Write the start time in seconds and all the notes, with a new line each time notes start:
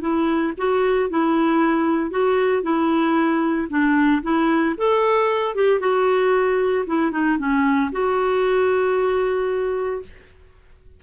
0.00 E4
0.57 F#4
1.09 E4
2.10 F#4
2.62 E4
3.69 D4
4.22 E4
4.77 A4
5.55 G4
5.79 F#4
6.86 E4
7.11 D#4
7.38 C#4
7.91 F#4